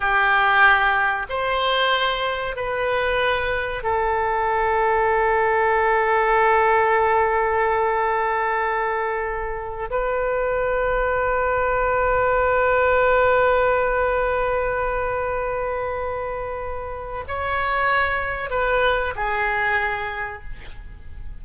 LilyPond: \new Staff \with { instrumentName = "oboe" } { \time 4/4 \tempo 4 = 94 g'2 c''2 | b'2 a'2~ | a'1~ | a'2.~ a'8 b'8~ |
b'1~ | b'1~ | b'2. cis''4~ | cis''4 b'4 gis'2 | }